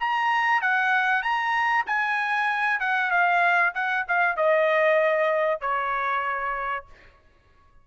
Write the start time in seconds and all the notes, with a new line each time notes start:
0.00 A#5
0.62 F#5
1.22 A#5
1.87 G#5
2.80 F#5
3.11 F5
3.75 F#5
4.09 F5
4.37 D#5
5.61 C#5